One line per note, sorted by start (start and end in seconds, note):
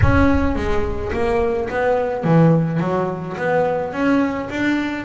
0.02 0.55 C#4
0.55 1.11 G#3
1.12 1.68 A#3
1.69 2.24 B3
2.24 2.80 E3
2.80 3.36 F#3
3.37 3.93 B3
3.93 4.49 C#4
4.50 5.05 D4